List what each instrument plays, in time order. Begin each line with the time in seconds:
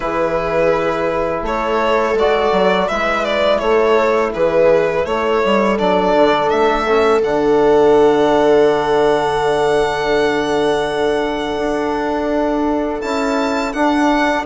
0.00 bassoon E3, trombone E4, viola G#4, violin B4
1.41 bassoon A3, viola A4, violin C#5
2.13 bassoon G#3, trombone F#4, violin D5
2.52 bassoon F#3
2.87 bassoon G#3, trombone E4, viola B4, violin E5
3.24 violin D5
3.58 bassoon A3, viola A4, violin C#5
4.33 bassoon E3, viola G#4, violin B4
5.05 bassoon A3, viola A4, violin C#5
5.44 bassoon G3
5.77 bassoon F#3, trombone D4, violin D5
6.14 bassoon D3
6.49 bassoon A3, violin E5
6.87 trombone C#4
7.21 bassoon D3, trombone D4, violin F#5
11.57 bassoon D4
13.01 bassoon C#4, trombone E4, violin A5
13.72 bassoon D4, trombone D4, violin F#5